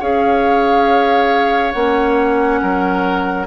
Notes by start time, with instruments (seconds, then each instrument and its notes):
0.00 bassoon C#4, clarinet G#4, oboe C#5, flute F5
1.72 bassoon A#3, clarinet C#4, flute F#5
2.62 bassoon F#3, oboe A#4